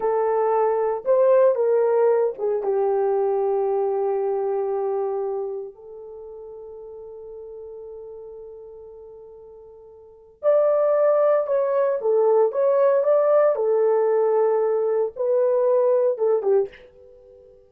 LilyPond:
\new Staff \with { instrumentName = "horn" } { \time 4/4 \tempo 4 = 115 a'2 c''4 ais'4~ | ais'8 gis'8 g'2.~ | g'2. a'4~ | a'1~ |
a'1 | d''2 cis''4 a'4 | cis''4 d''4 a'2~ | a'4 b'2 a'8 g'8 | }